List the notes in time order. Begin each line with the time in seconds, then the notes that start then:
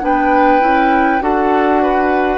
0.00 B3 D4 B4 G5
0.60 C#4 E4
1.20 D4 F#4 A4 F#5
1.82 B4